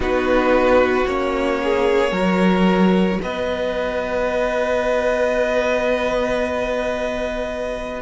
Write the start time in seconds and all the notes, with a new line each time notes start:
0.00 B3 D#4 F#4 B4
1.06 A#3 C#4 C#5
1.63 G#4
2.11 F#3 F#4 A#4
3.22 B3 B4 D#5